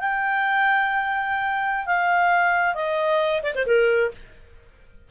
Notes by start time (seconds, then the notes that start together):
0.00 G5
1.87 F5
2.75 D#5
3.43 D5
3.55 C5
3.67 A#4